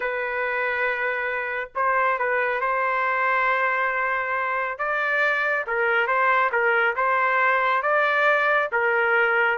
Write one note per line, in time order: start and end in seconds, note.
0.00 1.70 B4
1.75 2.18 C5
2.18 2.60 B4
2.60 4.78 C5
4.78 5.65 D5
5.66 6.07 A#4
6.07 6.50 C5
6.51 6.95 A#4
6.96 7.82 C5
7.82 8.69 D5
8.72 9.58 A#4